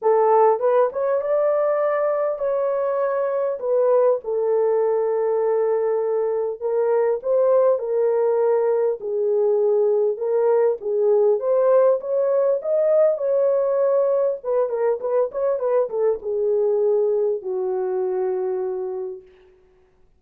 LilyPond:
\new Staff \with { instrumentName = "horn" } { \time 4/4 \tempo 4 = 100 a'4 b'8 cis''8 d''2 | cis''2 b'4 a'4~ | a'2. ais'4 | c''4 ais'2 gis'4~ |
gis'4 ais'4 gis'4 c''4 | cis''4 dis''4 cis''2 | b'8 ais'8 b'8 cis''8 b'8 a'8 gis'4~ | gis'4 fis'2. | }